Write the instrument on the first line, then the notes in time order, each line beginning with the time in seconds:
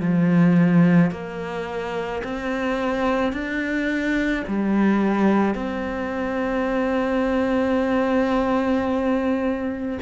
cello
0.00 F3
1.11 A#3
2.24 C4
3.33 D4
4.48 G3
5.55 C4